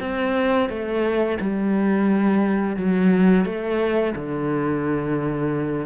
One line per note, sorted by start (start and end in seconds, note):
0.00 0.69 C4
0.69 1.38 A3
1.40 2.76 G3
2.76 3.45 F#3
3.45 4.14 A3
4.15 5.86 D3